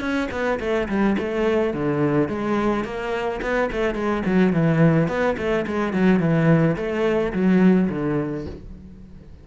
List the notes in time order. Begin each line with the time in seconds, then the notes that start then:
0.00 C#4
0.31 B3
0.60 A3
0.88 G3
1.18 A3
1.73 D3
2.28 G#3
2.84 A#3
3.41 B3
3.72 A3
3.95 G#3
4.25 F#3
4.52 E3
5.08 B3
5.37 A3
5.67 G#3
5.93 F#3
6.19 E3
6.76 A3
7.33 F#3
7.89 D3